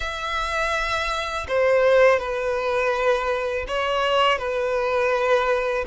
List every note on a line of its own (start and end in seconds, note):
0.00 1.46 E5
1.48 2.19 C5
2.19 3.65 B4
3.68 4.38 C#5
4.38 5.84 B4